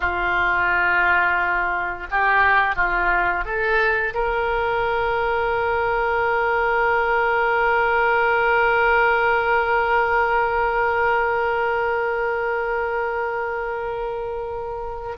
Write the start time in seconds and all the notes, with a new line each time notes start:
0.00 F4
2.10 G4
2.75 F4
3.44 A4
4.13 A#4